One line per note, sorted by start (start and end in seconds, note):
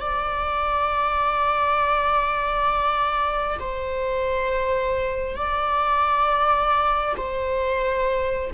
0.00 3.58 D5
3.59 5.36 C5
5.36 7.15 D5
7.16 8.51 C5